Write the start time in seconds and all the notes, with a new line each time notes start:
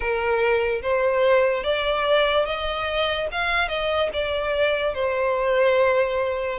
0.00 A#4
0.81 C5
1.63 D5
2.45 D#5
3.31 F5
3.68 D#5
4.13 D5
4.94 C5